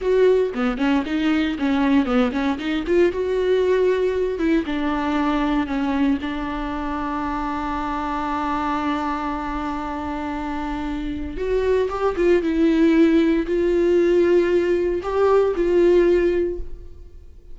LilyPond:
\new Staff \with { instrumentName = "viola" } { \time 4/4 \tempo 4 = 116 fis'4 b8 cis'8 dis'4 cis'4 | b8 cis'8 dis'8 f'8 fis'2~ | fis'8 e'8 d'2 cis'4 | d'1~ |
d'1~ | d'2 fis'4 g'8 f'8 | e'2 f'2~ | f'4 g'4 f'2 | }